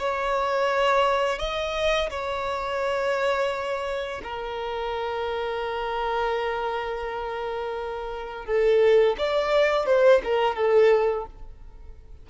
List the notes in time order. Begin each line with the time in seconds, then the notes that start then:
0.00 C#5
1.40 D#5
2.10 C#5
4.24 A#4
8.46 A4
9.19 D5
9.87 C5
10.24 A#4
10.56 A4